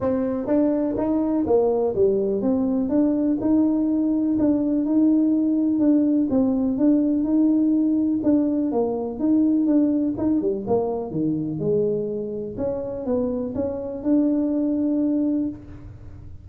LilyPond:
\new Staff \with { instrumentName = "tuba" } { \time 4/4 \tempo 4 = 124 c'4 d'4 dis'4 ais4 | g4 c'4 d'4 dis'4~ | dis'4 d'4 dis'2 | d'4 c'4 d'4 dis'4~ |
dis'4 d'4 ais4 dis'4 | d'4 dis'8 g8 ais4 dis4 | gis2 cis'4 b4 | cis'4 d'2. | }